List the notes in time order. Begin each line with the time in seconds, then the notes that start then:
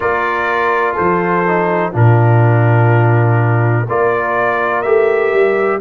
0.00 A#3 F4 A#4 D5
0.93 F3 A4 C5
1.47 D#4
1.92 A#2 D4 F4 A#4
3.87 A#3 F4 A#4 D5
4.82 A3 G4 E5
5.32 G3